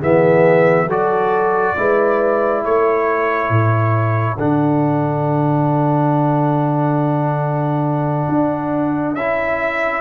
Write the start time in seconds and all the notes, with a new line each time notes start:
0.00 E3 B3 G#4 E5
0.87 F#3 F#4 A4 D5
1.77 G#3 E4 B4
2.64 A3 A4 C#5
3.50 A2
4.37 D3 D4 F#5
8.29 D4
9.14 C#4 E4 E5